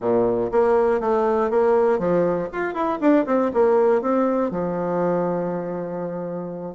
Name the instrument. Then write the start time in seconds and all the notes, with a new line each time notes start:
bassoon
0.00 A#2
0.51 A#3
1.00 A3
1.50 A#3
1.98 F3
2.52 F4
2.73 E4
3.00 D4
3.26 C4
3.53 A#3
4.01 C4
4.50 F3